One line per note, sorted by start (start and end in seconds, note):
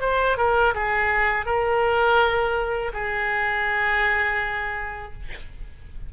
0.00 0.37 C5
0.37 0.74 A#4
0.74 1.45 G#4
1.45 2.92 A#4
2.93 5.12 G#4